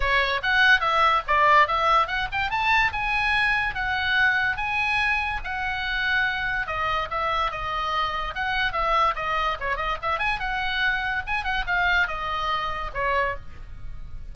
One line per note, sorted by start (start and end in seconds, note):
0.00 0.41 C#5
0.43 0.80 F#5
0.80 1.22 E5
1.27 1.67 D5
1.67 2.07 E5
2.07 2.28 F#5
2.32 2.50 G5
2.50 2.91 A5
2.92 3.74 G#5
3.74 4.57 F#5
4.57 5.40 G#5
5.44 6.66 F#5
6.66 7.08 D#5
7.10 7.51 E5
7.51 8.34 D#5
8.34 8.72 F#5
8.72 9.14 E5
9.15 9.57 D#5
9.59 9.76 C#5
9.76 9.97 D#5
10.02 10.19 E5
10.19 10.39 G#5
10.39 11.23 F#5
11.26 11.44 G#5
11.44 11.64 F#5
11.66 12.07 F5
12.07 12.91 D#5
12.93 13.35 C#5